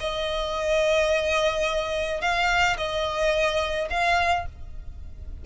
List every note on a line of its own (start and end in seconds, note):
0.00 2.22 D#5
2.22 2.77 F5
2.78 3.89 D#5
3.90 4.46 F5